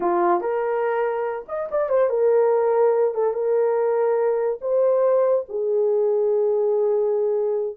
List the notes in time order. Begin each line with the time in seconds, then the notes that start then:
0.00 F4
0.41 A#4
1.48 D#5
1.71 D5
1.89 C5
2.09 A#4
3.14 A4
3.33 A#4
4.61 C5
5.48 G#4